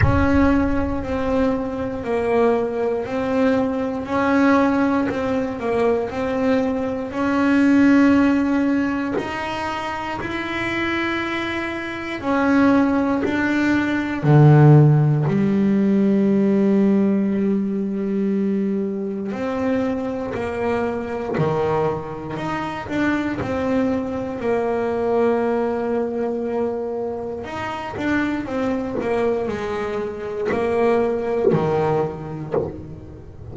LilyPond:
\new Staff \with { instrumentName = "double bass" } { \time 4/4 \tempo 4 = 59 cis'4 c'4 ais4 c'4 | cis'4 c'8 ais8 c'4 cis'4~ | cis'4 dis'4 e'2 | cis'4 d'4 d4 g4~ |
g2. c'4 | ais4 dis4 dis'8 d'8 c'4 | ais2. dis'8 d'8 | c'8 ais8 gis4 ais4 dis4 | }